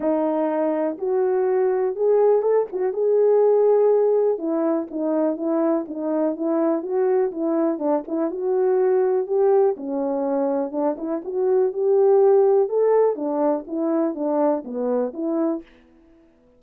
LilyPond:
\new Staff \with { instrumentName = "horn" } { \time 4/4 \tempo 4 = 123 dis'2 fis'2 | gis'4 a'8 fis'8 gis'2~ | gis'4 e'4 dis'4 e'4 | dis'4 e'4 fis'4 e'4 |
d'8 e'8 fis'2 g'4 | cis'2 d'8 e'8 fis'4 | g'2 a'4 d'4 | e'4 d'4 b4 e'4 | }